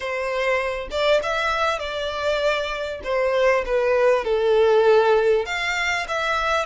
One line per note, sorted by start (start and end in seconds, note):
0.00 0.88 C5
0.90 1.21 D5
1.23 1.79 E5
1.79 3.00 D5
3.03 3.64 C5
3.65 4.24 B4
4.24 5.45 A4
5.45 6.06 F5
6.07 6.65 E5